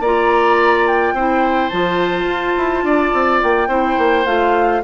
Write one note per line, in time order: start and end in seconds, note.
0.00 1.13 A#3
0.00 1.17 F4
0.00 1.14 D5
0.00 0.87 A#5
0.87 1.69 G5
1.13 1.70 C4
1.13 1.71 E4
1.13 2.84 C5
1.69 2.24 F3
1.69 3.69 F4
1.69 3.39 A5
2.24 2.53 F4
2.57 2.83 E4
2.83 3.11 D4
2.83 3.68 D5
3.14 3.42 C4
3.42 3.67 A#3
3.42 4.25 G5
3.67 3.96 C4
3.67 4.25 E4
3.67 4.81 C5
3.98 4.25 A#3
4.25 4.82 A3
4.25 4.83 F4
4.25 4.82 F5